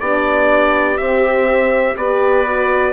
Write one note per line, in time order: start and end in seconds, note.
0.00 0.99 B3
0.00 0.98 D4
0.00 1.98 G4
0.00 0.98 D5
0.98 1.97 C4
0.98 1.96 C4
0.98 1.96 E5
1.96 2.93 B3
1.96 2.47 G4
1.96 2.93 B4
1.96 2.93 D5
2.47 2.93 F#4